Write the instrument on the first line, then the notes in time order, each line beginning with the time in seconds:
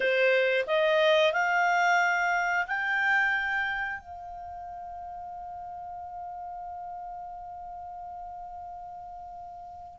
clarinet
0.00 C5
0.67 D#5
1.32 F5
2.67 G5
3.99 F5